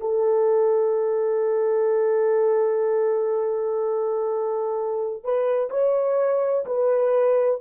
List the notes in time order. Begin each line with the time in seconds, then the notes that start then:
0.00 A4
5.24 B4
5.70 C#5
6.66 B4